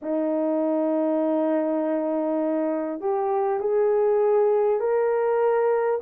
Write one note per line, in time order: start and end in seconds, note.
0.02 3.00 D#4
3.00 3.59 G4
3.59 4.79 G#4
4.79 5.99 A#4